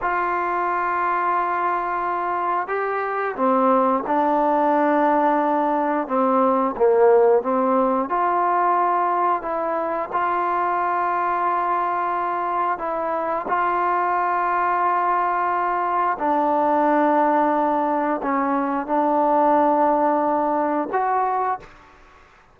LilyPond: \new Staff \with { instrumentName = "trombone" } { \time 4/4 \tempo 4 = 89 f'1 | g'4 c'4 d'2~ | d'4 c'4 ais4 c'4 | f'2 e'4 f'4~ |
f'2. e'4 | f'1 | d'2. cis'4 | d'2. fis'4 | }